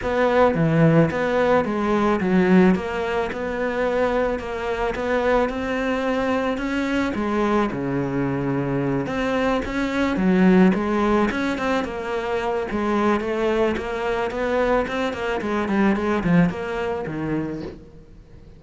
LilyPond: \new Staff \with { instrumentName = "cello" } { \time 4/4 \tempo 4 = 109 b4 e4 b4 gis4 | fis4 ais4 b2 | ais4 b4 c'2 | cis'4 gis4 cis2~ |
cis8 c'4 cis'4 fis4 gis8~ | gis8 cis'8 c'8 ais4. gis4 | a4 ais4 b4 c'8 ais8 | gis8 g8 gis8 f8 ais4 dis4 | }